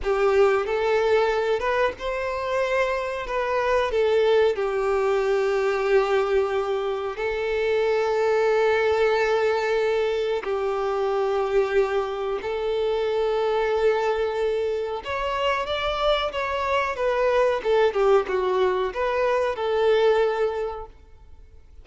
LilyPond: \new Staff \with { instrumentName = "violin" } { \time 4/4 \tempo 4 = 92 g'4 a'4. b'8 c''4~ | c''4 b'4 a'4 g'4~ | g'2. a'4~ | a'1 |
g'2. a'4~ | a'2. cis''4 | d''4 cis''4 b'4 a'8 g'8 | fis'4 b'4 a'2 | }